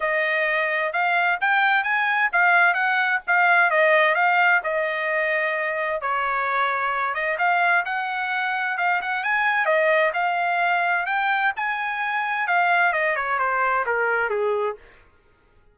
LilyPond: \new Staff \with { instrumentName = "trumpet" } { \time 4/4 \tempo 4 = 130 dis''2 f''4 g''4 | gis''4 f''4 fis''4 f''4 | dis''4 f''4 dis''2~ | dis''4 cis''2~ cis''8 dis''8 |
f''4 fis''2 f''8 fis''8 | gis''4 dis''4 f''2 | g''4 gis''2 f''4 | dis''8 cis''8 c''4 ais'4 gis'4 | }